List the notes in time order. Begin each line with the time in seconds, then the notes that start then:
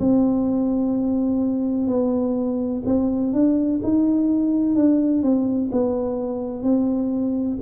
0.00 C4
1.87 B3
2.85 C4
3.33 D4
3.83 D#4
4.76 D4
5.23 C4
5.72 B3
6.63 C4